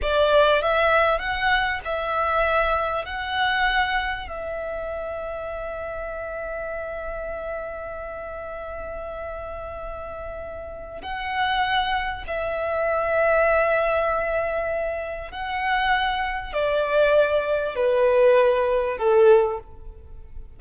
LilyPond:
\new Staff \with { instrumentName = "violin" } { \time 4/4 \tempo 4 = 98 d''4 e''4 fis''4 e''4~ | e''4 fis''2 e''4~ | e''1~ | e''1~ |
e''2 fis''2 | e''1~ | e''4 fis''2 d''4~ | d''4 b'2 a'4 | }